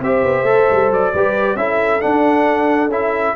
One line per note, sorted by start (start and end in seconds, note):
0.00 0.22 C4
0.00 0.45 G4
0.00 1.13 C5
0.00 0.92 E5
0.22 0.43 B3
0.43 0.65 A3
0.43 1.12 A4
0.70 0.91 G3
0.91 1.13 F#3
0.91 1.56 D5
1.13 1.55 G3
1.13 1.57 G4
1.13 1.57 B4
1.55 2.00 C#4
1.55 2.00 E4
1.55 3.35 A4
1.55 2.00 E5
2.00 2.89 D4
2.00 2.88 D4
2.00 2.89 F#5
2.88 3.32 C#4
2.88 3.35 E4
2.88 3.35 E5